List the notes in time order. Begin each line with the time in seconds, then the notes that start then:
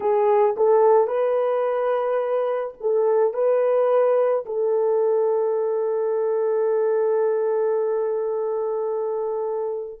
0.00 G#4
0.56 A4
1.07 B4
2.80 A4
3.33 B4
4.45 A4